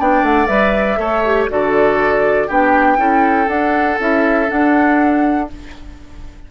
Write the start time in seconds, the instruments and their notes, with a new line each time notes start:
0.00 bassoon B3, clarinet D4, oboe D5, flute G5
0.23 bassoon A3, flute F#5
0.47 bassoon G3, clarinet B4, flute E5
0.97 bassoon A3, clarinet A4, oboe C#5
1.26 clarinet G4
1.49 bassoon D3, clarinet F#4, oboe A4, flute D5
2.48 bassoon B3, clarinet D4, oboe G4, flute G5
2.98 bassoon C#4, clarinet E4, oboe A4
3.47 clarinet D4, bassoon D4, flute F#5
4.00 bassoon C#4, clarinet E4, flute E5
4.47 clarinet D4, bassoon D4, flute F#5